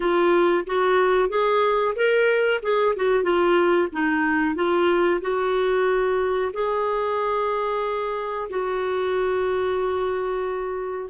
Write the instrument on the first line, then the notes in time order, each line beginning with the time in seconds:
clarinet
0.00 F4
0.66 F#4
1.29 G#4
1.95 A#4
2.62 G#4
2.96 F#4
3.23 F4
3.92 D#4
4.55 F4
5.21 F#4
6.53 G#4
8.49 F#4